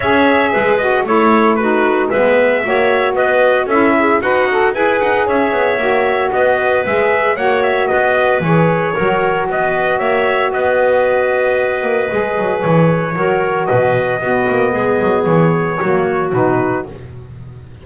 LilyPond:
<<
  \new Staff \with { instrumentName = "trumpet" } { \time 4/4 \tempo 4 = 114 e''4. dis''8 cis''4 b'4 | e''2 dis''4 e''4 | fis''4 gis''8 fis''8 e''2 | dis''4 e''4 fis''8 e''8 dis''4 |
cis''2 dis''4 e''4 | dis''1 | cis''2 dis''2~ | dis''4 cis''2 b'4 | }
  \new Staff \with { instrumentName = "clarinet" } { \time 4/4 cis''4 b'4 a'4 fis'4 | b'4 cis''4 b'4 a'8 gis'8 | fis'4 b'4 cis''2 | b'2 cis''4 b'4~ |
b'4 ais'4 b'4 cis''4 | b'1~ | b'4 ais'4 b'4 fis'4 | gis'2 fis'2 | }
  \new Staff \with { instrumentName = "saxophone" } { \time 4/4 gis'4. fis'8 e'4 dis'4 | b4 fis'2 e'4 | b'8 a'8 gis'2 fis'4~ | fis'4 gis'4 fis'2 |
gis'4 fis'2.~ | fis'2. gis'4~ | gis'4 fis'2 b4~ | b2 ais4 dis'4 | }
  \new Staff \with { instrumentName = "double bass" } { \time 4/4 cis'4 gis4 a2 | gis4 ais4 b4 cis'4 | dis'4 e'8 dis'8 cis'8 b8 ais4 | b4 gis4 ais4 b4 |
e4 fis4 b4 ais4 | b2~ b8 ais8 gis8 fis8 | e4 fis4 b,4 b8 ais8 | gis8 fis8 e4 fis4 b,4 | }
>>